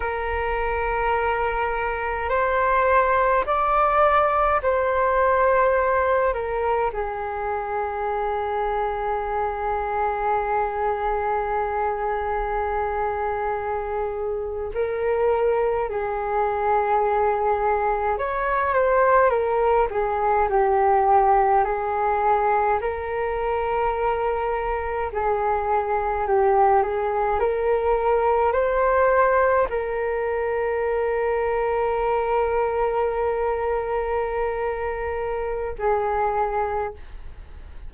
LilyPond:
\new Staff \with { instrumentName = "flute" } { \time 4/4 \tempo 4 = 52 ais'2 c''4 d''4 | c''4. ais'8 gis'2~ | gis'1~ | gis'8. ais'4 gis'2 cis''16~ |
cis''16 c''8 ais'8 gis'8 g'4 gis'4 ais'16~ | ais'4.~ ais'16 gis'4 g'8 gis'8 ais'16~ | ais'8. c''4 ais'2~ ais'16~ | ais'2. gis'4 | }